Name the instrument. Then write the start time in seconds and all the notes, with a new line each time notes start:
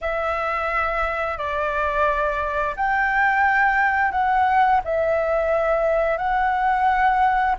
flute
0.01 E5
1.37 D5
2.76 G5
4.11 F#5
4.84 E5
6.17 F#5